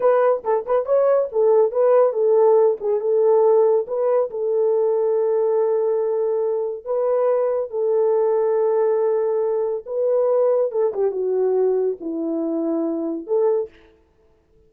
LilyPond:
\new Staff \with { instrumentName = "horn" } { \time 4/4 \tempo 4 = 140 b'4 a'8 b'8 cis''4 a'4 | b'4 a'4. gis'8 a'4~ | a'4 b'4 a'2~ | a'1 |
b'2 a'2~ | a'2. b'4~ | b'4 a'8 g'8 fis'2 | e'2. a'4 | }